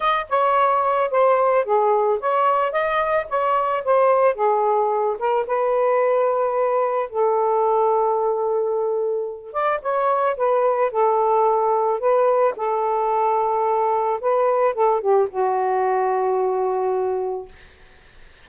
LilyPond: \new Staff \with { instrumentName = "saxophone" } { \time 4/4 \tempo 4 = 110 dis''8 cis''4. c''4 gis'4 | cis''4 dis''4 cis''4 c''4 | gis'4. ais'8 b'2~ | b'4 a'2.~ |
a'4. d''8 cis''4 b'4 | a'2 b'4 a'4~ | a'2 b'4 a'8 g'8 | fis'1 | }